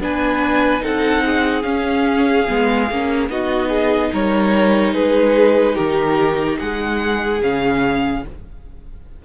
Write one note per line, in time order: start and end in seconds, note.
0.00 0.82 B3
0.00 0.80 D4
0.00 0.83 B4
0.00 0.85 G#5
0.80 1.64 C4
0.80 1.62 D#4
0.80 1.24 A4
0.80 1.63 F#5
1.25 3.30 G#4
1.63 2.46 C#4
1.63 2.47 C#4
1.63 3.27 F5
2.48 2.91 G#3
2.48 2.89 B3
2.91 3.29 A#3
2.91 3.30 C#4
3.29 4.11 B3
3.29 7.41 D#4
3.29 3.69 F#4
3.29 4.12 D#5
3.69 4.10 G#4
4.13 4.95 G3
4.13 4.94 A#4
4.13 4.94 C#5
4.94 5.77 G#3
4.94 5.75 G#4
4.94 5.77 B4
5.75 6.60 D#3
5.75 6.57 G4
5.75 6.59 A#4
6.59 7.41 G#3
6.59 8.23 G#4
6.59 7.41 F#5
7.41 8.24 C#3
7.41 8.24 C#4
7.41 8.25 F5